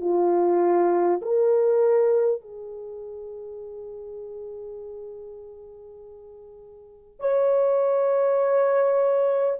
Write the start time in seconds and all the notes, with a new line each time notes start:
0.00 F4
1.22 A#4
2.41 G#4
7.19 C#5